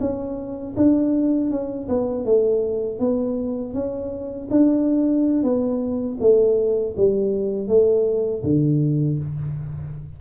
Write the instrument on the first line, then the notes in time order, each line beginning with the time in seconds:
tuba
0.00 C#4
0.76 D4
1.51 C#4
1.89 B3
2.25 A3
2.99 B3
3.74 C#4
4.51 D4
5.43 B3
6.20 A3
6.96 G3
7.68 A3
8.43 D3